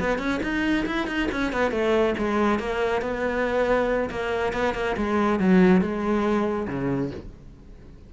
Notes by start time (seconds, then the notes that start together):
0.00 B3
0.18 C#4
0.43 D#4
0.87 E4
1.07 D#4
1.32 C#4
1.52 B3
1.71 A3
2.18 G#3
2.59 A#3
3.02 B3
4.10 A#3
4.53 B3
4.74 A#3
4.97 G#3
5.40 F#3
5.81 G#3
6.67 C#3